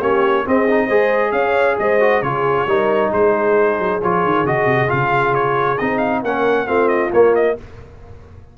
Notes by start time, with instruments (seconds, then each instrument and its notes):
0.00 tuba A#3, trombone C#4, horn G4, trumpet C#5
0.45 trombone C4, tuba C4, horn G#4, trumpet D#5
0.69 trombone D#4
0.86 tuba G#3, trombone G#4, horn C5
1.31 tuba C#4, horn C#5, trumpet F5
1.78 tuba G#3, horn C5, trumpet D#5
2.00 trombone F#4
2.21 tuba C#3, trombone F4, horn G#4, trumpet C#5
2.66 tuba G3, trombone D#4, horn A#4
3.11 tuba G#3, horn G#4, trumpet C5
3.79 tuba F#3
4.02 tuba F3, trombone F4, trumpet C#5
4.24 tuba D#3
4.44 tuba C#3, trombone F#4, trumpet D#5
4.65 tuba C3
4.88 tuba C#3, trombone F4, trumpet F5
5.34 trumpet C#5
5.78 tuba C4, trombone D#4, trumpet D#5
5.98 trumpet F5
6.22 tuba A#3, trombone C#4, horn A#4, trumpet F#5
6.66 tuba A3, trombone C4, horn F4, trumpet F5
6.88 trumpet D#5
7.13 trombone A#3, tuba A#3, trumpet C#5
7.35 trumpet D#5